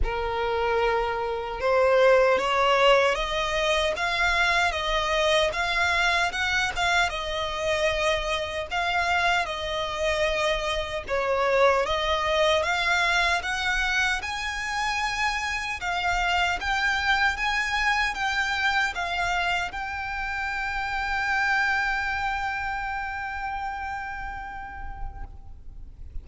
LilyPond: \new Staff \with { instrumentName = "violin" } { \time 4/4 \tempo 4 = 76 ais'2 c''4 cis''4 | dis''4 f''4 dis''4 f''4 | fis''8 f''8 dis''2 f''4 | dis''2 cis''4 dis''4 |
f''4 fis''4 gis''2 | f''4 g''4 gis''4 g''4 | f''4 g''2.~ | g''1 | }